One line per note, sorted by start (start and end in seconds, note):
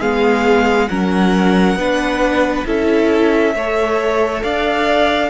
0.00 0.89 G#3
0.00 0.89 B3
0.00 0.88 G#4
0.00 0.89 F5
0.89 1.76 F#3
0.89 1.78 C#4
0.89 1.78 A#4
0.89 2.65 F#5
1.76 2.64 B3
1.76 2.66 D4
1.76 2.67 B4
2.66 3.55 C#4
2.66 3.54 E4
2.66 3.55 A4
2.66 4.43 E5
3.55 4.43 A3
3.55 5.30 A4
3.55 4.44 C#5
4.43 5.30 D4
4.43 5.30 D5
4.43 5.30 F5